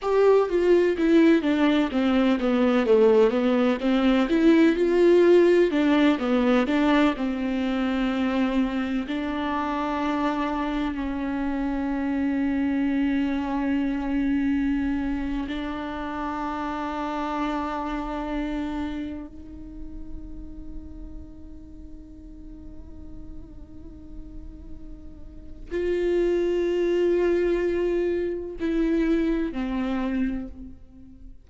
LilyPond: \new Staff \with { instrumentName = "viola" } { \time 4/4 \tempo 4 = 63 g'8 f'8 e'8 d'8 c'8 b8 a8 b8 | c'8 e'8 f'4 d'8 b8 d'8 c'8~ | c'4. d'2 cis'8~ | cis'1~ |
cis'16 d'2.~ d'8.~ | d'16 dis'2.~ dis'8.~ | dis'2. f'4~ | f'2 e'4 c'4 | }